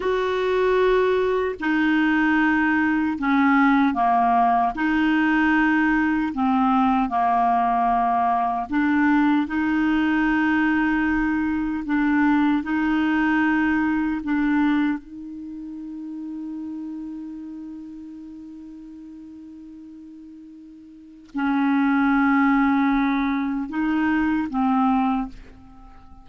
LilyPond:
\new Staff \with { instrumentName = "clarinet" } { \time 4/4 \tempo 4 = 76 fis'2 dis'2 | cis'4 ais4 dis'2 | c'4 ais2 d'4 | dis'2. d'4 |
dis'2 d'4 dis'4~ | dis'1~ | dis'2. cis'4~ | cis'2 dis'4 c'4 | }